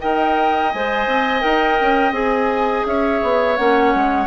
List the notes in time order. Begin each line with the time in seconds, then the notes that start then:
0.00 D#4 A#4 D#5 G5
0.71 G#3 C5 G#5
1.07 C4
1.41 D#4 A#4 G5
1.81 C#4
2.11 C4 G#4 G#5
2.85 C#4 C#5 E5
3.22 B3
3.57 A#3 C#4 F#5
3.94 G#3